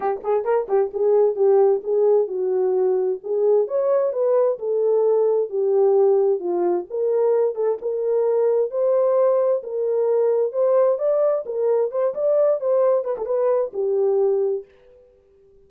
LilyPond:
\new Staff \with { instrumentName = "horn" } { \time 4/4 \tempo 4 = 131 g'8 gis'8 ais'8 g'8 gis'4 g'4 | gis'4 fis'2 gis'4 | cis''4 b'4 a'2 | g'2 f'4 ais'4~ |
ais'8 a'8 ais'2 c''4~ | c''4 ais'2 c''4 | d''4 ais'4 c''8 d''4 c''8~ | c''8 b'16 a'16 b'4 g'2 | }